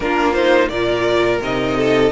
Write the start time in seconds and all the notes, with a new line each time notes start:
0.00 A#3 D4 F4 A#4
0.33 D#4 C5
0.69 A#2 F4 A#4 D5
1.40 C3 D#4 D#5
1.76 A4